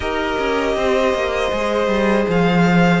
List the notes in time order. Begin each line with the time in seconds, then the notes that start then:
0.00 D#4 G4 A#4 D#5
0.37 C#4
0.75 C4 C5
1.13 A#3
1.52 G#3 G#4
1.87 G3
2.28 F3 F5